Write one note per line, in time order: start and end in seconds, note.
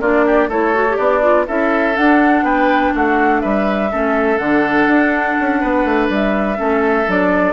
0.00 0.48 A#3
0.00 0.50 D4
0.00 0.25 F4
0.00 0.49 D5
0.26 0.48 G4
0.48 0.97 A3
0.48 0.74 E4
0.48 0.96 A4
0.48 0.96 C#5
0.74 0.86 F#4
0.89 1.22 G4
0.96 1.47 B3
0.96 1.45 D4
0.96 1.45 D5
1.22 1.46 F4
1.47 1.97 C#4
1.47 1.94 E4
1.47 2.44 A4
1.47 1.96 E5
1.94 3.89 D4
1.94 2.42 D4
1.94 2.45 F#5
2.42 2.91 B3
2.42 2.93 B4
2.42 2.94 G5
2.94 3.43 A3
2.94 3.41 F#4
2.94 3.40 F#5
3.40 3.93 G3
3.40 3.90 B4
3.40 4.37 E5
3.91 4.38 A3
3.91 4.38 C#4
3.91 5.60 A4
4.37 4.87 D3
4.37 6.56 D4
4.37 6.08 F#5
4.87 5.36 D4
5.40 5.62 C#4
5.60 5.84 B3
5.60 6.58 B4
5.84 6.09 A3
6.09 6.58 G3
6.09 7.10 E5
6.56 7.07 A3
6.56 7.05 C#4
6.56 7.53 A4
7.07 7.53 F#3
7.07 7.53 D4
7.07 7.53 D5